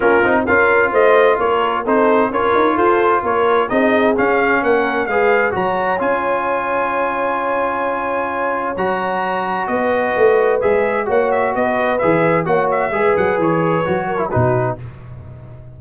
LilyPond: <<
  \new Staff \with { instrumentName = "trumpet" } { \time 4/4 \tempo 4 = 130 ais'4 f''4 dis''4 cis''4 | c''4 cis''4 c''4 cis''4 | dis''4 f''4 fis''4 f''4 | ais''4 gis''2.~ |
gis''2. ais''4~ | ais''4 dis''2 e''4 | fis''8 e''8 dis''4 e''4 fis''8 e''8~ | e''8 fis''8 cis''2 b'4 | }
  \new Staff \with { instrumentName = "horn" } { \time 4/4 f'4 ais'4 c''4 ais'4 | a'4 ais'4 a'4 ais'4 | gis'2 ais'4 b'4 | cis''1~ |
cis''1~ | cis''4 b'2. | cis''4 b'2 cis''4 | b'2~ b'8 ais'8 fis'4 | }
  \new Staff \with { instrumentName = "trombone" } { \time 4/4 cis'8 dis'8 f'2. | dis'4 f'2. | dis'4 cis'2 gis'4 | fis'4 f'2.~ |
f'2. fis'4~ | fis'2. gis'4 | fis'2 gis'4 fis'4 | gis'2 fis'8. e'16 dis'4 | }
  \new Staff \with { instrumentName = "tuba" } { \time 4/4 ais8 c'8 cis'4 a4 ais4 | c'4 cis'8 dis'8 f'4 ais4 | c'4 cis'4 ais4 gis4 | fis4 cis'2.~ |
cis'2. fis4~ | fis4 b4 a4 gis4 | ais4 b4 e4 ais4 | gis8 fis8 e4 fis4 b,4 | }
>>